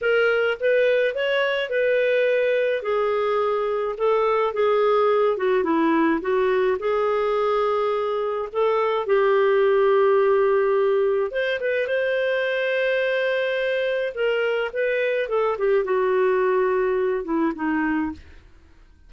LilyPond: \new Staff \with { instrumentName = "clarinet" } { \time 4/4 \tempo 4 = 106 ais'4 b'4 cis''4 b'4~ | b'4 gis'2 a'4 | gis'4. fis'8 e'4 fis'4 | gis'2. a'4 |
g'1 | c''8 b'8 c''2.~ | c''4 ais'4 b'4 a'8 g'8 | fis'2~ fis'8 e'8 dis'4 | }